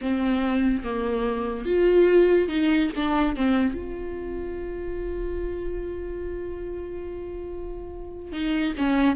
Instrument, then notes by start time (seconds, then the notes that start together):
viola
0.01 C4
0.83 A#3
1.65 F4
2.48 D#4
2.95 D4
3.36 C4
3.73 F4
8.32 D#4
8.77 C#4